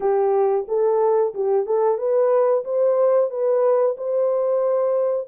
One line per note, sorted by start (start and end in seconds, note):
0.00 0.66 G4
0.68 1.34 A4
1.34 1.66 G4
1.66 1.98 A4
1.98 2.63 B4
2.64 3.30 C5
3.30 3.96 B4
3.97 5.27 C5